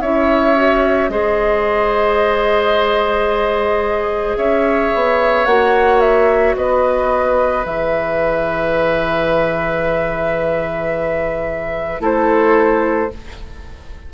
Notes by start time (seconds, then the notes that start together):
0.00 C#4 E4 C#5 E5
0.55 F#4
1.09 G#3 G#4 C5 D#5
4.36 C#4 C#5 E5
4.94 B3
5.45 A#3 F#4 F#5
6.00 E5
6.55 B3 B4 D#5
7.64 E3 G#4 E5
11.99 A3 E4 A4 C5